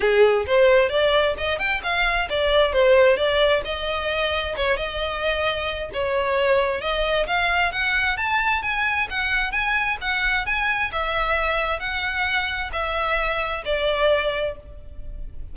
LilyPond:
\new Staff \with { instrumentName = "violin" } { \time 4/4 \tempo 4 = 132 gis'4 c''4 d''4 dis''8 g''8 | f''4 d''4 c''4 d''4 | dis''2 cis''8 dis''4.~ | dis''4 cis''2 dis''4 |
f''4 fis''4 a''4 gis''4 | fis''4 gis''4 fis''4 gis''4 | e''2 fis''2 | e''2 d''2 | }